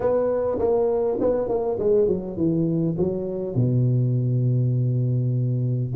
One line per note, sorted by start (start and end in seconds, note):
0.00 0.58 B3
0.58 1.18 A#3
1.20 1.48 B3
1.48 1.78 A#3
1.79 2.07 G#3
2.07 2.36 F#3
2.36 2.96 E3
2.98 3.55 F#3
3.55 5.92 B2